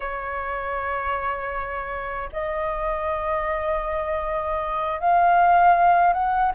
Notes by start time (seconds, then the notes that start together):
0.00 C#5
2.32 D#5
5.00 F5
6.13 F#5